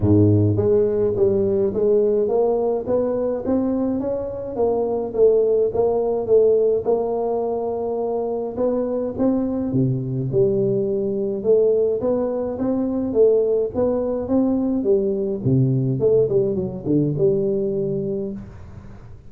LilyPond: \new Staff \with { instrumentName = "tuba" } { \time 4/4 \tempo 4 = 105 gis,4 gis4 g4 gis4 | ais4 b4 c'4 cis'4 | ais4 a4 ais4 a4 | ais2. b4 |
c'4 c4 g2 | a4 b4 c'4 a4 | b4 c'4 g4 c4 | a8 g8 fis8 d8 g2 | }